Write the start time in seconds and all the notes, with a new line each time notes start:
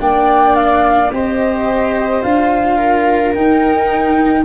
0.00 A#3 D4 D5 G5
0.56 F5
1.12 C4 G4 C5 D#5
2.22 D4 F4 F5
2.77 A#4
3.35 D#4 G5